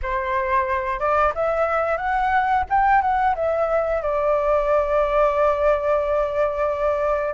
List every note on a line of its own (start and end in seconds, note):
0.02 0.99 C5
0.99 1.32 D5
1.35 1.97 E5
1.97 2.64 F#5
2.69 3.01 G5
3.01 3.35 F#5
3.35 4.02 E5
4.02 7.34 D5